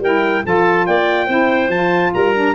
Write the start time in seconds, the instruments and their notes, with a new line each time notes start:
0.00 tuba G3, saxophone E4, clarinet A#4, trumpet G5
0.45 tuba F3, saxophone F4, clarinet A4, trumpet A5
0.87 tuba A#3, clarinet D5, trumpet G5
1.27 tuba C4, saxophone E4, clarinet C5
1.69 tuba F3, saxophone F4, trumpet A5
2.14 tuba G3, clarinet A#4, trumpet A#5
2.35 saxophone D4